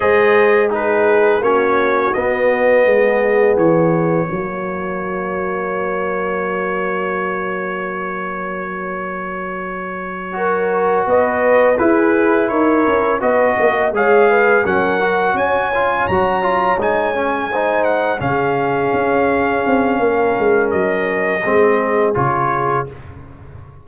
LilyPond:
<<
  \new Staff \with { instrumentName = "trumpet" } { \time 4/4 \tempo 4 = 84 dis''4 b'4 cis''4 dis''4~ | dis''4 cis''2.~ | cis''1~ | cis''2.~ cis''8 dis''8~ |
dis''8 b'4 cis''4 dis''4 f''8~ | f''8 fis''4 gis''4 ais''4 gis''8~ | gis''4 fis''8 f''2~ f''8~ | f''4 dis''2 cis''4 | }
  \new Staff \with { instrumentName = "horn" } { \time 4/4 c''4 gis'4 fis'2 | gis'2 fis'2~ | fis'1~ | fis'2~ fis'8 ais'4 b'8~ |
b'8 gis'4 ais'4 b'8 dis''8 cis''8 | b'8 ais'4 cis''2~ cis''8~ | cis''8 c''4 gis'2~ gis'8 | ais'2 gis'2 | }
  \new Staff \with { instrumentName = "trombone" } { \time 4/4 gis'4 dis'4 cis'4 b4~ | b2 ais2~ | ais1~ | ais2~ ais8 fis'4.~ |
fis'8 e'2 fis'4 gis'8~ | gis'8 cis'8 fis'4 f'8 fis'8 f'8 dis'8 | cis'8 dis'4 cis'2~ cis'8~ | cis'2 c'4 f'4 | }
  \new Staff \with { instrumentName = "tuba" } { \time 4/4 gis2 ais4 b4 | gis4 e4 fis2~ | fis1~ | fis2.~ fis8 b8~ |
b8 e'4 dis'8 cis'8 b8 ais8 gis8~ | gis8 fis4 cis'4 fis4 gis8~ | gis4. cis4 cis'4 c'8 | ais8 gis8 fis4 gis4 cis4 | }
>>